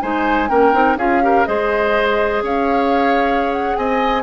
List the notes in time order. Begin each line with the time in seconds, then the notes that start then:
0.00 G#3 D#4 C5 G#5
0.48 A#3 C#4 A#4 G5
0.73 C4 D#4
0.96 C#4 F4 G#4 F5
1.22 G4 A#4
1.45 G#3 G#4 C5 D#5
2.42 C#4 C#5 F5
3.52 F#5
3.76 C4 D#5 G#5